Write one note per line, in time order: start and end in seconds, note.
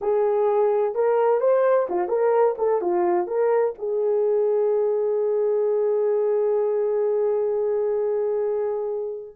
0.01 0.94 G#4
0.94 1.40 A#4
1.40 1.87 C5
1.89 2.08 F4
2.08 2.55 A#4
2.58 2.81 A4
2.81 3.27 F4
3.27 3.74 A#4
3.78 9.36 G#4